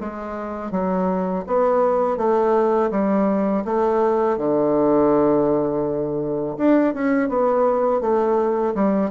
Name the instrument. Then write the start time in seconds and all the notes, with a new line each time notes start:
bassoon
0.00 G#3
0.71 F#3
1.46 B3
2.17 A3
2.90 G3
3.65 A3
4.37 D3
6.57 D4
6.93 C#4
7.28 B3
8.00 A3
8.74 G3